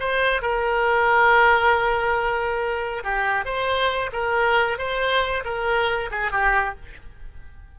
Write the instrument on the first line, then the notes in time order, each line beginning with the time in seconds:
oboe
0.00 C5
0.42 A#4
3.04 G4
3.45 C5
4.13 A#4
4.79 C5
5.45 A#4
6.12 G#4
6.32 G4